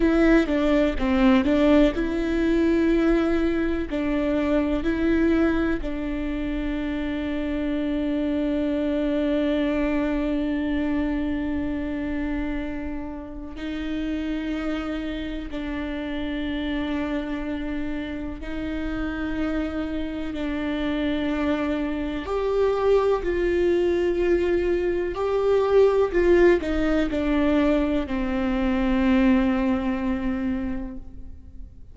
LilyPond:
\new Staff \with { instrumentName = "viola" } { \time 4/4 \tempo 4 = 62 e'8 d'8 c'8 d'8 e'2 | d'4 e'4 d'2~ | d'1~ | d'2 dis'2 |
d'2. dis'4~ | dis'4 d'2 g'4 | f'2 g'4 f'8 dis'8 | d'4 c'2. | }